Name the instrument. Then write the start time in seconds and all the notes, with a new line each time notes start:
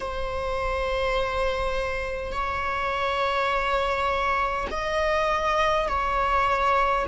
viola
0.00 C5
2.32 C#5
4.71 D#5
5.88 C#5